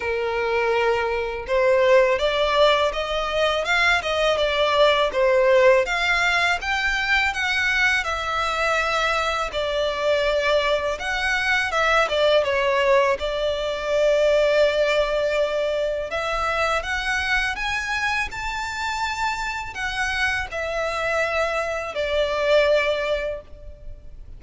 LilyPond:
\new Staff \with { instrumentName = "violin" } { \time 4/4 \tempo 4 = 82 ais'2 c''4 d''4 | dis''4 f''8 dis''8 d''4 c''4 | f''4 g''4 fis''4 e''4~ | e''4 d''2 fis''4 |
e''8 d''8 cis''4 d''2~ | d''2 e''4 fis''4 | gis''4 a''2 fis''4 | e''2 d''2 | }